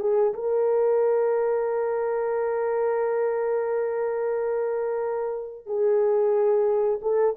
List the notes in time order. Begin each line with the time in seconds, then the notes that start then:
0.00 G#4
0.34 A#4
5.66 G#4
7.02 A4